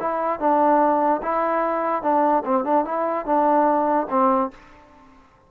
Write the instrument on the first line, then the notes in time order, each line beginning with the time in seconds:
trombone
0.00 E4
0.39 D4
1.22 E4
2.02 D4
2.45 C4
2.65 D4
2.85 E4
3.26 D4
4.10 C4